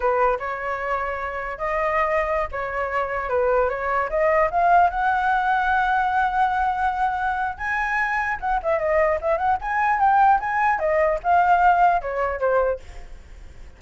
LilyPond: \new Staff \with { instrumentName = "flute" } { \time 4/4 \tempo 4 = 150 b'4 cis''2. | dis''2~ dis''16 cis''4.~ cis''16~ | cis''16 b'4 cis''4 dis''4 f''8.~ | f''16 fis''2.~ fis''8.~ |
fis''2. gis''4~ | gis''4 fis''8 e''8 dis''4 e''8 fis''8 | gis''4 g''4 gis''4 dis''4 | f''2 cis''4 c''4 | }